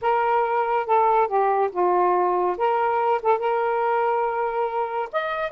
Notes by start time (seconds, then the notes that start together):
0.01 A#4
0.86 A4
1.27 G4
1.72 F4
2.57 A#4
3.22 A4
3.38 A#4
5.12 D#5